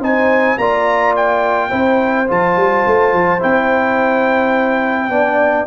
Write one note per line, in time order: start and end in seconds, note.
0.00 0.57 C4
0.00 0.59 D#4
0.00 0.58 C5
0.00 0.58 G#5
0.58 1.71 A#3
0.58 1.71 F4
0.58 1.70 D5
0.58 1.15 A#5
1.16 2.30 G5
1.70 2.30 C4
1.70 2.27 E4
1.70 5.09 C5
2.28 2.57 F3
2.28 3.40 F4
2.28 3.43 A5
2.57 2.85 G3
2.87 3.14 A3
3.14 3.42 F3
3.40 5.09 C4
3.40 5.10 E4
3.40 5.67 G5
5.09 5.66 B3
5.09 5.67 D4
5.09 5.67 D5